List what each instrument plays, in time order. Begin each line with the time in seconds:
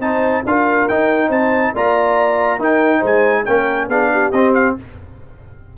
0.00 tuba C4, trombone D#4, horn C5, trumpet A5
0.45 tuba D4, trombone F4, horn A#4, trumpet F5
0.89 tuba D#4, trombone D#4, trumpet G5
1.29 tuba C4, horn C5, trumpet A5
1.74 tuba A#3, trombone F4, horn D5, trumpet A#5
2.59 tuba D#4, trombone D#4, horn A#4, trumpet G5
2.99 tuba G#3, horn C5
3.06 trumpet G#5
3.45 tuba A#3, trombone C#4, horn A#4, trumpet G5
3.89 tuba B3, trombone D4, horn G#4, trumpet F5
4.13 horn G4
4.32 tuba C4, trombone C4, trumpet D#5
4.55 trumpet F5